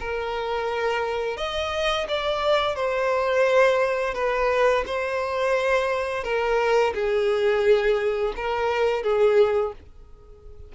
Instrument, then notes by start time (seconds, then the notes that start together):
violin
0.00 A#4
1.37 D#5
2.08 D5
2.76 C5
4.14 B4
4.86 C5
6.24 A#4
6.94 G#4
8.36 A#4
9.03 G#4